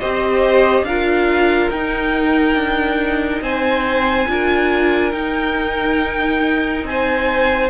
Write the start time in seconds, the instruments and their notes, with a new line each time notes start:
0.00 cello C4, viola G4, violin C5 D#5
0.83 cello D4, viola F4, violin A#4 F5
1.71 cello D#4, viola D#4, violin G5
2.56 cello D4
3.41 cello C4, violin C5 G#5
4.29 cello D4, viola F4, violin A#4
5.13 cello D#4, viola D#4, violin G5
6.84 cello C4, violin G#5
6.90 violin C5